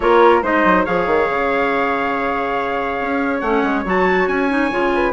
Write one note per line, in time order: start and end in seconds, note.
0.00 0.42 A#3
0.00 0.43 F4
0.00 0.43 A#4
0.00 0.43 C#5
0.42 0.63 G#3
0.42 0.85 D#4
0.42 0.84 C5
0.42 0.85 D#5
0.64 0.86 F#3
0.84 1.06 F3
0.84 3.42 G#4
0.84 4.92 C#5
0.84 3.40 F5
1.06 1.27 D#3
1.29 3.00 C#3
3.00 3.41 C#4
3.40 3.62 A3
3.40 3.85 C#4
3.40 3.83 F#5
3.62 3.84 G#3
3.85 4.27 F#3
3.85 4.49 F#4
3.85 4.28 A5
4.27 4.70 C#4
4.27 5.12 G#5
4.49 4.70 D#4
4.70 5.12 C#3
4.70 5.12 F4
4.94 5.12 B4